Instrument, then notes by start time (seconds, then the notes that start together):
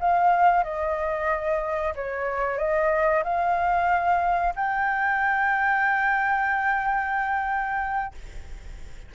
flute
0.00 F5
0.64 D#5
1.95 C#5
2.58 D#5
3.24 F5
4.56 G5